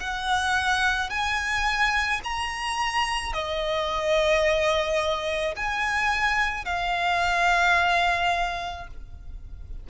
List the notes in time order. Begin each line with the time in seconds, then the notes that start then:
0.00 F#5
1.10 G#5
2.24 A#5
3.33 D#5
5.56 G#5
6.65 F5